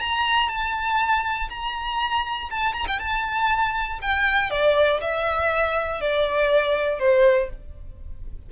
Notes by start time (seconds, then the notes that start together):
0.00 A#5
0.49 A5
1.50 A#5
2.51 A5
2.74 A#5
2.88 G5
3.00 A5
4.02 G5
4.51 D5
5.01 E5
6.01 D5
7.00 C5